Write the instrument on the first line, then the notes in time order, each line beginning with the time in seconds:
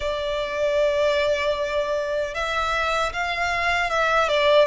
violin
0.00 D5
2.34 E5
3.12 F5
3.90 E5
4.28 D5